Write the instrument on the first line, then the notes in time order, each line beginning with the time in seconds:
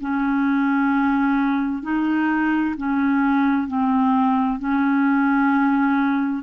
clarinet
0.00 C#4
1.82 D#4
2.77 C#4
3.67 C4
4.59 C#4